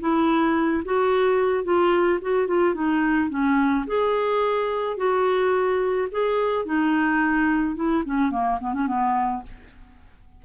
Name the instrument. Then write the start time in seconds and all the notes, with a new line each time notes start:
clarinet
0.00 E4
0.85 F#4
1.64 F4
2.22 F#4
2.47 F4
2.74 D#4
3.30 C#4
3.87 G#4
4.97 F#4
6.12 G#4
6.65 D#4
7.76 E4
8.06 C#4
8.31 A#3
8.60 B3
8.74 C#4
8.87 B3